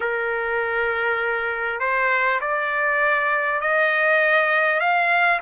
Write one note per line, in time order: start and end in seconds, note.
0.00 1.80 A#4
1.80 2.40 C5
2.40 3.60 D5
3.60 4.80 D#5
4.80 5.40 F5